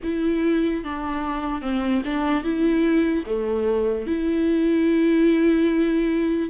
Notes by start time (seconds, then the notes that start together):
0.03 E4
0.84 D4
1.61 C4
2.05 D4
2.43 E4
3.25 A3
4.07 E4